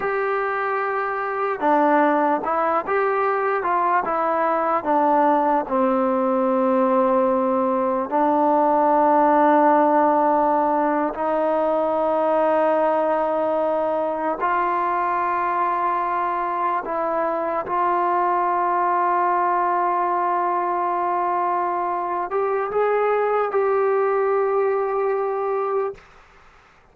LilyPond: \new Staff \with { instrumentName = "trombone" } { \time 4/4 \tempo 4 = 74 g'2 d'4 e'8 g'8~ | g'8 f'8 e'4 d'4 c'4~ | c'2 d'2~ | d'4.~ d'16 dis'2~ dis'16~ |
dis'4.~ dis'16 f'2~ f'16~ | f'8. e'4 f'2~ f'16~ | f'2.~ f'8 g'8 | gis'4 g'2. | }